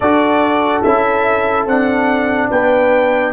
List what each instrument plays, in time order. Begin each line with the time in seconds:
0.00 tuba D4, trombone F#4, horn A4, trumpet D5
0.82 tuba C#4, trombone E4, trumpet E5
1.65 tuba C4, trombone D4, trumpet F#5
2.49 tuba B3, horn B4, trumpet G5